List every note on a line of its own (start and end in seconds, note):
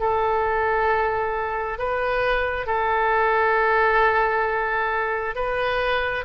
0.00 1.78 A4
1.78 2.66 B4
2.66 5.35 A4
5.35 6.24 B4